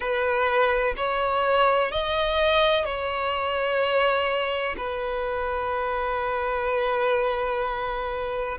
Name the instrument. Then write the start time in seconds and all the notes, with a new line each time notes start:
violin
0.00 B4
0.97 C#5
1.91 D#5
2.85 C#5
4.77 B4